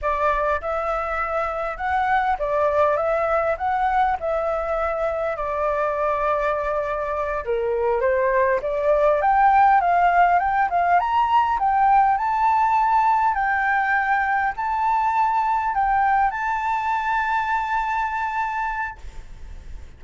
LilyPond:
\new Staff \with { instrumentName = "flute" } { \time 4/4 \tempo 4 = 101 d''4 e''2 fis''4 | d''4 e''4 fis''4 e''4~ | e''4 d''2.~ | d''8 ais'4 c''4 d''4 g''8~ |
g''8 f''4 g''8 f''8 ais''4 g''8~ | g''8 a''2 g''4.~ | g''8 a''2 g''4 a''8~ | a''1 | }